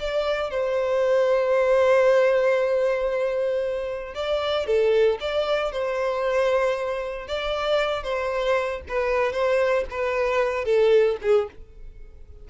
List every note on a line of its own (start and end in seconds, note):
0.00 0.51 D5
0.51 4.15 C5
4.15 4.66 D5
4.66 5.19 A4
5.21 5.72 D5
5.72 7.28 C5
7.28 8.03 D5
8.03 8.82 C5
8.89 9.32 B4
9.32 9.85 C5
9.90 10.65 B4
10.65 11.17 A4
11.22 11.48 G#4